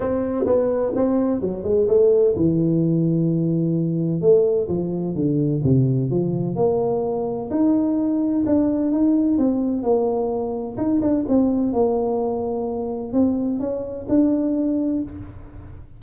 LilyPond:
\new Staff \with { instrumentName = "tuba" } { \time 4/4 \tempo 4 = 128 c'4 b4 c'4 fis8 gis8 | a4 e2.~ | e4 a4 f4 d4 | c4 f4 ais2 |
dis'2 d'4 dis'4 | c'4 ais2 dis'8 d'8 | c'4 ais2. | c'4 cis'4 d'2 | }